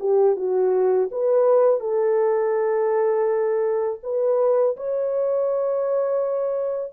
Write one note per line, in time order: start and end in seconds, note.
0.00 0.37 G4
0.37 1.10 F#4
1.11 1.81 B4
1.81 4.00 A4
4.03 4.77 B4
4.77 6.93 C#5